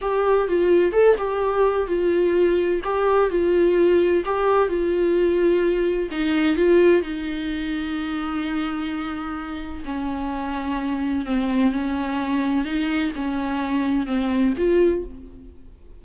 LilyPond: \new Staff \with { instrumentName = "viola" } { \time 4/4 \tempo 4 = 128 g'4 f'4 a'8 g'4. | f'2 g'4 f'4~ | f'4 g'4 f'2~ | f'4 dis'4 f'4 dis'4~ |
dis'1~ | dis'4 cis'2. | c'4 cis'2 dis'4 | cis'2 c'4 f'4 | }